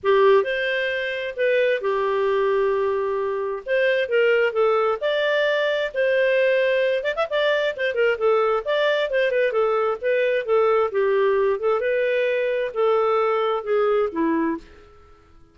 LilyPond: \new Staff \with { instrumentName = "clarinet" } { \time 4/4 \tempo 4 = 132 g'4 c''2 b'4 | g'1 | c''4 ais'4 a'4 d''4~ | d''4 c''2~ c''8 d''16 e''16 |
d''4 c''8 ais'8 a'4 d''4 | c''8 b'8 a'4 b'4 a'4 | g'4. a'8 b'2 | a'2 gis'4 e'4 | }